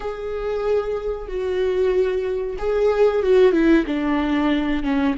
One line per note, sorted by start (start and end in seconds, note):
0.00 1.27 G#4
1.27 2.56 F#4
2.58 3.22 G#4
3.22 3.52 F#4
3.52 3.84 E4
3.86 4.83 D4
4.83 5.15 C#4